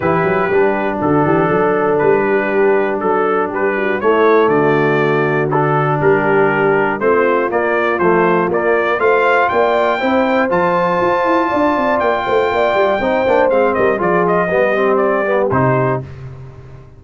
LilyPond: <<
  \new Staff \with { instrumentName = "trumpet" } { \time 4/4 \tempo 4 = 120 b'2 a'2 | b'2 a'4 b'4 | cis''4 d''2 a'4 | ais'2 c''4 d''4 |
c''4 d''4 f''4 g''4~ | g''4 a''2. | g''2. f''8 dis''8 | d''8 dis''4. d''4 c''4 | }
  \new Staff \with { instrumentName = "horn" } { \time 4/4 g'2 fis'8 g'8 a'4~ | a'8 g'4. a'4 g'8 fis'8 | e'4 fis'2. | g'2 f'2~ |
f'2 c''4 d''4 | c''2. d''4~ | d''8 c''8 d''4 c''4. ais'8 | gis'4 g'2. | }
  \new Staff \with { instrumentName = "trombone" } { \time 4/4 e'4 d'2.~ | d'1 | a2. d'4~ | d'2 c'4 ais4 |
a4 ais4 f'2 | e'4 f'2.~ | f'2 dis'8 d'8 c'4 | f'4 b8 c'4 b8 dis'4 | }
  \new Staff \with { instrumentName = "tuba" } { \time 4/4 e8 fis8 g4 d8 e8 fis4 | g2 fis4 g4 | a4 d2. | g2 a4 ais4 |
f4 ais4 a4 ais4 | c'4 f4 f'8 e'8 d'8 c'8 | ais8 a8 ais8 g8 c'8 ais8 gis8 g8 | f4 g2 c4 | }
>>